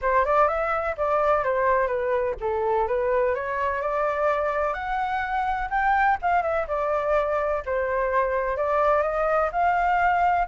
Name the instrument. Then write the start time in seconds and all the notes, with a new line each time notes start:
flute
0.01 C5
0.25 D5
0.48 E5
0.97 D5
1.44 C5
1.87 B4
2.40 A4
2.87 B4
3.35 C#5
3.81 D5
4.73 F#5
5.69 G5
6.22 F5
6.42 E5
6.67 D5
7.65 C5
8.56 D5
9.02 D#5
9.52 F5